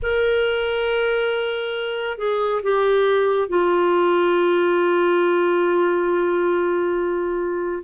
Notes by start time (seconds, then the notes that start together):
0.02 A#4
2.18 G#4
2.62 G4
3.48 F4